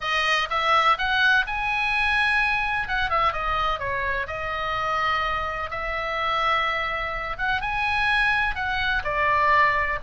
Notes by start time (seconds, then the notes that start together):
0.01 D#5
0.50 E5
0.98 F#5
1.46 G#5
2.88 F#5
3.10 E5
3.32 D#5
3.79 C#5
4.27 D#5
5.70 E5
7.38 F#5
7.61 G#5
8.55 F#5
9.03 D5